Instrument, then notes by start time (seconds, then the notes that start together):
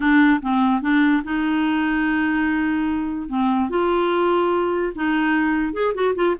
clarinet
0.00 D4
0.42 C4
0.81 D4
1.24 D#4
3.28 C4
3.69 F4
4.95 D#4
5.73 G#4
5.94 F#4
6.15 F4